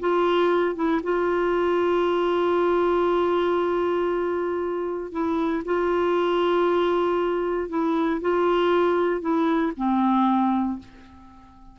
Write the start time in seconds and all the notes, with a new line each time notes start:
0.00 F4
0.76 E4
1.03 F4
5.12 E4
5.65 F4
7.69 E4
8.21 F4
9.21 E4
9.77 C4